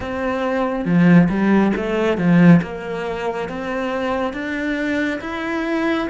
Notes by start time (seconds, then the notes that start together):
0.00 C4
0.85 F3
1.28 G3
1.76 A3
2.17 F3
2.62 A#3
3.48 C4
4.33 D4
5.21 E4